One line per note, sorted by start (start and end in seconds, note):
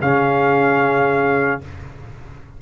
0.00 1.61 C#3
0.00 1.61 C#4
0.00 1.60 G#4
0.00 1.61 F5